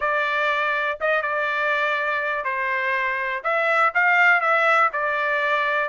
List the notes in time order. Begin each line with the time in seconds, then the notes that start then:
0.00 D5
1.00 D#5
1.22 D5
2.44 C5
3.43 E5
3.94 F5
4.41 E5
4.92 D5